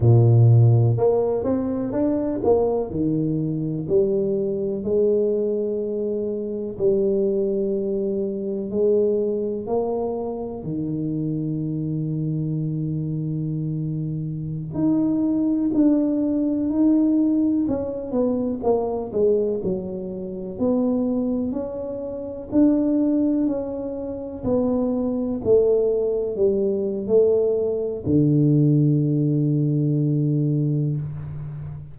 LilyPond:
\new Staff \with { instrumentName = "tuba" } { \time 4/4 \tempo 4 = 62 ais,4 ais8 c'8 d'8 ais8 dis4 | g4 gis2 g4~ | g4 gis4 ais4 dis4~ | dis2.~ dis16 dis'8.~ |
dis'16 d'4 dis'4 cis'8 b8 ais8 gis16~ | gis16 fis4 b4 cis'4 d'8.~ | d'16 cis'4 b4 a4 g8. | a4 d2. | }